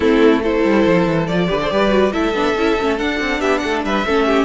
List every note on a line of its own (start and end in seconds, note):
0.00 0.64 A3
0.00 0.42 C4
0.00 0.42 E4
0.00 0.41 A4
0.42 1.29 E4
0.42 1.48 A4
0.42 1.27 C5
0.64 0.85 G3
0.85 1.06 F3
1.06 1.27 E3
1.27 1.49 F3
1.27 1.47 F4
1.27 2.12 D5
1.47 1.71 D3
1.47 1.58 G4
1.47 1.60 B4
1.61 1.70 A4
1.61 1.71 C5
1.70 2.13 G3
1.70 1.89 G4
1.70 2.12 B4
1.89 2.11 F#4
2.12 2.34 A3
2.12 2.34 E4
2.12 3.39 A4
2.12 2.97 E5
2.34 2.55 B3
2.34 2.56 D4
2.56 2.77 C#4
2.56 2.79 E4
2.80 3.01 A3
2.80 2.97 C#4
2.97 4.04 D4
2.97 3.19 D4
2.97 3.40 F#5
3.19 3.41 C4
3.39 3.62 B3
3.39 3.61 G4
3.39 3.58 E5
3.58 3.84 A3
3.58 3.85 A4
3.58 3.79 F#5
3.84 4.05 G3
3.84 4.05 B4
3.84 4.45 E5
4.05 4.45 A3
4.05 4.45 C#4
4.05 4.26 A4
4.26 4.45 G4